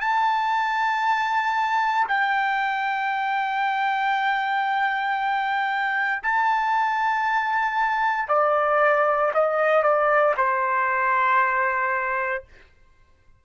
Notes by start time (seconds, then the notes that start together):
0.00 A5
2.08 G5
6.23 A5
8.28 D5
9.33 D#5
9.82 D5
10.37 C5